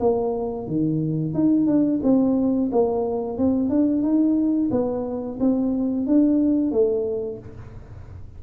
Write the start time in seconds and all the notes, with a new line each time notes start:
0.00 A#3
0.67 D#3
1.34 D#4
1.67 D4
2.03 C4
2.72 A#3
3.38 C4
3.70 D4
4.02 D#4
4.71 B3
5.40 C4
6.07 D4
6.72 A3